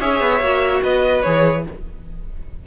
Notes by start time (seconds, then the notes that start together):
0.00 C#4 G#4 C#5 E5
0.20 B3
0.40 A#3 F#4
0.83 B3 B4 D#5
1.22 E3 G#4 C#5